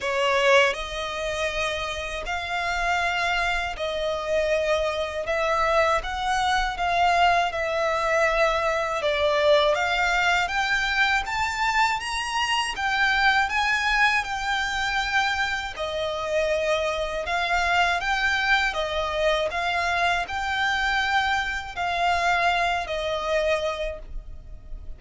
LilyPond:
\new Staff \with { instrumentName = "violin" } { \time 4/4 \tempo 4 = 80 cis''4 dis''2 f''4~ | f''4 dis''2 e''4 | fis''4 f''4 e''2 | d''4 f''4 g''4 a''4 |
ais''4 g''4 gis''4 g''4~ | g''4 dis''2 f''4 | g''4 dis''4 f''4 g''4~ | g''4 f''4. dis''4. | }